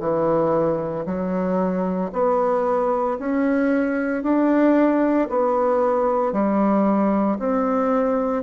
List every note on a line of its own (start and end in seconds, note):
0.00 1.05 E3
1.06 2.11 F#3
2.13 3.18 B3
3.20 4.23 C#4
4.23 5.29 D4
5.30 6.33 B3
6.33 7.38 G3
7.39 8.44 C4